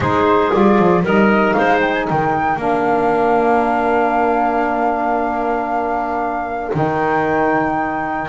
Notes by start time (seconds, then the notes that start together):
0.00 G#3 D#4 G#4 C5
0.51 G3 F4 D5
0.79 F3
1.03 G3 D#4 A#4 D#5
1.53 G#3 C5 F5
1.80 G5
1.93 G#5
2.06 D#3 A#4 G5
2.56 A#3 D4 F5
6.72 D#3 D#4 G5